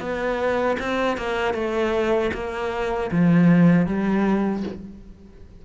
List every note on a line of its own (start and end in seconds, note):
0.00 0.77 B3
0.79 1.17 C4
1.17 1.54 A#3
1.54 2.31 A3
2.34 3.10 A#3
3.12 3.86 F3
3.86 4.63 G3